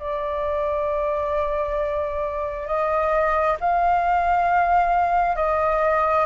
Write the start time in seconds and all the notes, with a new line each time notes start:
0.00 D5
2.67 D#5
3.61 F5
5.36 D#5